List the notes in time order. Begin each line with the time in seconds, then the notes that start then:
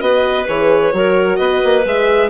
0.00 B3 F#4 B4 D#5
0.48 E3 G#4 C#5
0.93 F#3 F#4 A#4
1.37 B3 B4 D#5
1.64 A#3
1.84 G#3 G#4 E5